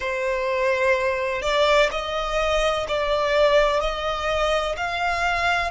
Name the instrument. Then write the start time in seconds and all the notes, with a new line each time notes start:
violin
0.00 C5
1.42 D5
1.90 D#5
2.88 D5
3.80 D#5
4.76 F5